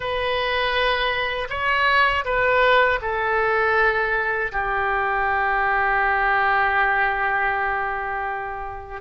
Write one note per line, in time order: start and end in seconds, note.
0.00 1.48 B4
1.49 2.24 C#5
2.24 2.99 B4
3.01 4.51 A4
4.52 9.01 G4